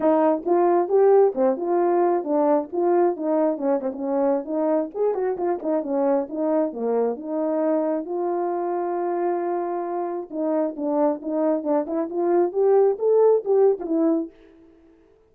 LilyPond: \new Staff \with { instrumentName = "horn" } { \time 4/4 \tempo 4 = 134 dis'4 f'4 g'4 c'8 f'8~ | f'4 d'4 f'4 dis'4 | cis'8 c'16 cis'4~ cis'16 dis'4 gis'8 fis'8 | f'8 dis'8 cis'4 dis'4 ais4 |
dis'2 f'2~ | f'2. dis'4 | d'4 dis'4 d'8 e'8 f'4 | g'4 a'4 g'8. f'16 e'4 | }